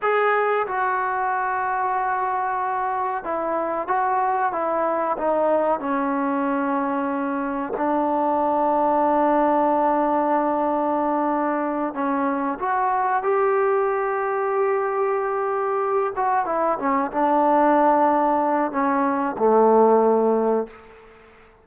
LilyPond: \new Staff \with { instrumentName = "trombone" } { \time 4/4 \tempo 4 = 93 gis'4 fis'2.~ | fis'4 e'4 fis'4 e'4 | dis'4 cis'2. | d'1~ |
d'2~ d'8 cis'4 fis'8~ | fis'8 g'2.~ g'8~ | g'4 fis'8 e'8 cis'8 d'4.~ | d'4 cis'4 a2 | }